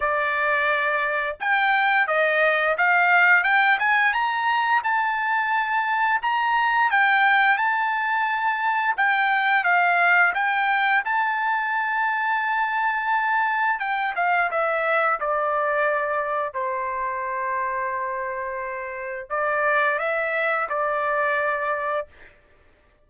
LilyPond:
\new Staff \with { instrumentName = "trumpet" } { \time 4/4 \tempo 4 = 87 d''2 g''4 dis''4 | f''4 g''8 gis''8 ais''4 a''4~ | a''4 ais''4 g''4 a''4~ | a''4 g''4 f''4 g''4 |
a''1 | g''8 f''8 e''4 d''2 | c''1 | d''4 e''4 d''2 | }